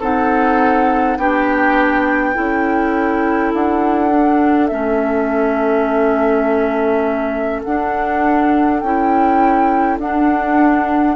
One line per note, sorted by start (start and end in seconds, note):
0.00 1.18 C4
0.00 1.19 D#4
0.00 1.18 A4
0.00 1.17 F#5
1.17 2.35 B3
1.17 2.34 D4
1.17 2.35 G4
1.17 3.53 G5
2.34 3.54 C#4
2.34 4.11 E4
2.34 11.16 A4
3.54 4.71 D4
3.54 4.67 F#5
4.11 4.70 D4
4.67 7.65 A3
4.67 7.65 C#4
4.67 7.62 E5
7.64 8.83 D4
7.64 8.85 D4
7.64 8.80 F#5
8.80 9.99 C#4
8.80 10.00 E4
8.80 9.98 G5
9.99 11.16 D4
9.99 11.16 F#5